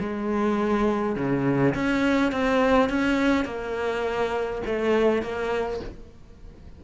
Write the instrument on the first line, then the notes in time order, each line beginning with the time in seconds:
cello
0.00 G#3
1.16 C#3
1.75 C#4
2.32 C4
2.89 C#4
3.46 A#3
4.66 A3
5.22 A#3